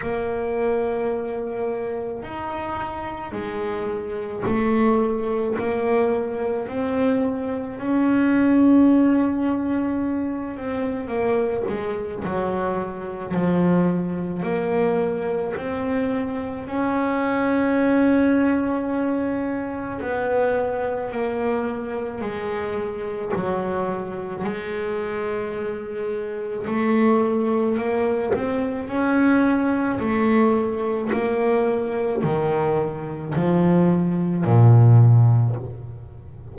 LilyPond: \new Staff \with { instrumentName = "double bass" } { \time 4/4 \tempo 4 = 54 ais2 dis'4 gis4 | a4 ais4 c'4 cis'4~ | cis'4. c'8 ais8 gis8 fis4 | f4 ais4 c'4 cis'4~ |
cis'2 b4 ais4 | gis4 fis4 gis2 | a4 ais8 c'8 cis'4 a4 | ais4 dis4 f4 ais,4 | }